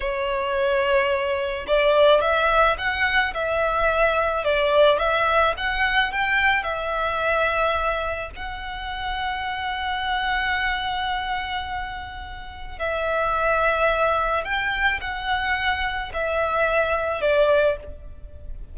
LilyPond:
\new Staff \with { instrumentName = "violin" } { \time 4/4 \tempo 4 = 108 cis''2. d''4 | e''4 fis''4 e''2 | d''4 e''4 fis''4 g''4 | e''2. fis''4~ |
fis''1~ | fis''2. e''4~ | e''2 g''4 fis''4~ | fis''4 e''2 d''4 | }